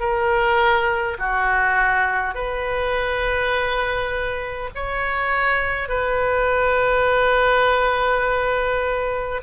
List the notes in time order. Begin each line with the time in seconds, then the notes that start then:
0.00 A#4
1.19 F#4
2.34 B4
4.75 C#5
5.89 B4